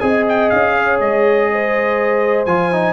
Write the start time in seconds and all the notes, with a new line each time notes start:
0.00 C4 G#4 D#5 G#5
0.29 G5
0.50 C#4 F5
0.78 C#5
1.00 G#3 D#5
1.52 C5
2.46 F3 F4 G#5
2.73 D#4